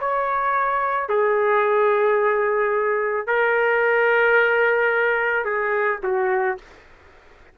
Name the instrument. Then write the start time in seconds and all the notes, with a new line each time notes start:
trumpet
0.00 C#5
1.09 G#4
3.27 A#4
5.45 G#4
6.03 F#4